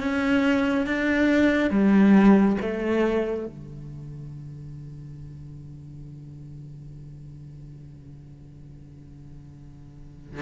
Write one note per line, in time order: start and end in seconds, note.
0.00 0.86 C#4
0.86 1.70 D4
1.70 2.57 G3
2.61 3.47 A3
3.47 10.42 D3